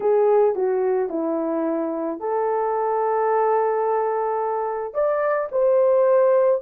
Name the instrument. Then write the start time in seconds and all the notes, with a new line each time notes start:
horn
0.00 G#4
0.55 F#4
1.09 E4
2.19 A4
4.93 D5
5.51 C5